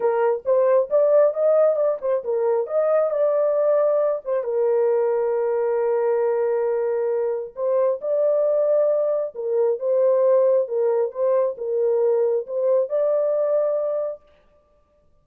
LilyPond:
\new Staff \with { instrumentName = "horn" } { \time 4/4 \tempo 4 = 135 ais'4 c''4 d''4 dis''4 | d''8 c''8 ais'4 dis''4 d''4~ | d''4. c''8 ais'2~ | ais'1~ |
ais'4 c''4 d''2~ | d''4 ais'4 c''2 | ais'4 c''4 ais'2 | c''4 d''2. | }